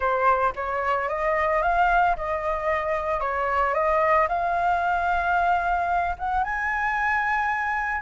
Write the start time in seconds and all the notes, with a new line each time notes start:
0.00 C5
0.55 C#5
1.09 D#5
1.62 F5
2.16 D#5
3.20 C#5
3.74 D#5
4.28 F5
6.18 F#5
6.43 G#5